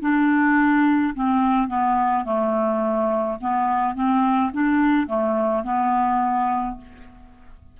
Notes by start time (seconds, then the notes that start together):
0.00 D4
1.14 C4
1.68 B3
2.24 A3
3.41 B3
3.95 C4
4.52 D4
5.07 A3
5.63 B3